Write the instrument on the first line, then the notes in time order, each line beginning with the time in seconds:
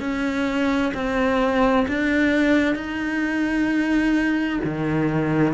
cello
0.00 C#4
0.94 C4
1.88 D4
2.75 D#4
4.64 D#3